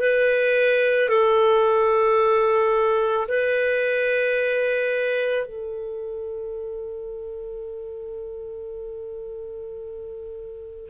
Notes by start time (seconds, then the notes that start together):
0.00 B4
1.09 A4
3.28 B4
5.45 A4